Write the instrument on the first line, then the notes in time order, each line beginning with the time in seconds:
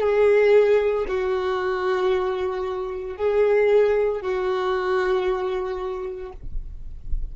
violin
0.00 G#4
1.08 F#4
3.17 G#4
4.22 F#4